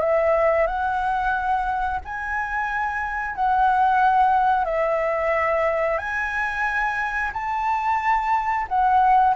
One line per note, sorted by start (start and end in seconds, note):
0.00 0.67 E5
0.67 2.00 F#5
2.05 3.35 G#5
3.35 4.65 F#5
4.65 5.98 E5
5.98 7.31 G#5
7.33 8.66 A5
8.68 9.35 F#5